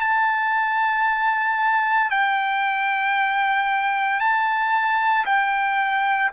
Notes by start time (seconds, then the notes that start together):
0.00 A5
2.10 G5
4.20 A5
5.25 G5